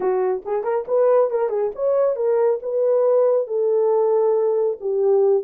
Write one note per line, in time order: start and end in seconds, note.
0.00 0.42 F#4
0.45 0.63 G#4
0.63 0.85 A#4
0.87 1.30 B4
1.30 1.49 A#4
1.49 1.71 G#4
1.75 2.16 C#5
2.16 2.59 A#4
2.62 3.47 B4
3.47 4.77 A4
4.80 5.43 G4